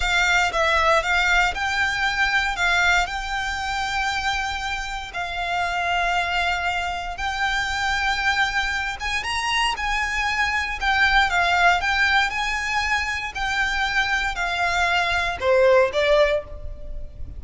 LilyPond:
\new Staff \with { instrumentName = "violin" } { \time 4/4 \tempo 4 = 117 f''4 e''4 f''4 g''4~ | g''4 f''4 g''2~ | g''2 f''2~ | f''2 g''2~ |
g''4. gis''8 ais''4 gis''4~ | gis''4 g''4 f''4 g''4 | gis''2 g''2 | f''2 c''4 d''4 | }